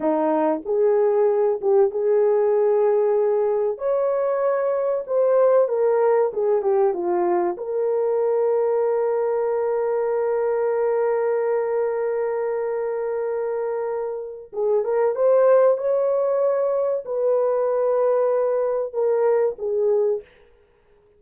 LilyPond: \new Staff \with { instrumentName = "horn" } { \time 4/4 \tempo 4 = 95 dis'4 gis'4. g'8 gis'4~ | gis'2 cis''2 | c''4 ais'4 gis'8 g'8 f'4 | ais'1~ |
ais'1~ | ais'2. gis'8 ais'8 | c''4 cis''2 b'4~ | b'2 ais'4 gis'4 | }